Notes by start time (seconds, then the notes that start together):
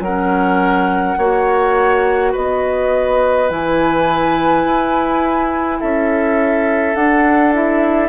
0.00 F#3 C#4 A#4 F#5
1.18 A#3 F#4 C#5
2.32 B3 B4 D#5
3.50 E3 E4 G#5
4.65 E4
5.80 C#4 A4 E5
6.95 D4 F#5
7.54 E4 E5